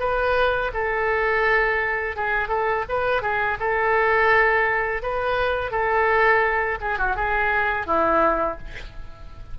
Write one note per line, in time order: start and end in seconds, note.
0.00 0.71 B4
0.74 2.17 A4
2.17 2.49 G#4
2.49 2.85 A4
2.89 3.22 B4
3.22 3.58 G#4
3.60 5.03 A4
5.03 5.72 B4
5.72 6.79 A4
6.81 6.99 G#4
6.99 7.16 F#4
7.16 7.87 G#4
7.87 8.58 E4